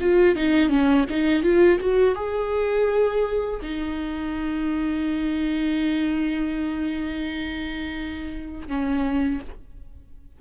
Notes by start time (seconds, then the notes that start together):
0.00 F4
0.35 D#4
0.69 C#4
1.09 D#4
1.42 F4
1.80 F#4
2.15 G#4
3.62 D#4
8.67 C#4